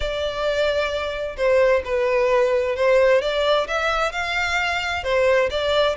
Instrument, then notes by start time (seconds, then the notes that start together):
violin
0.00 D5
1.36 C5
1.84 B4
2.76 C5
3.21 D5
3.67 E5
4.12 F5
5.03 C5
5.50 D5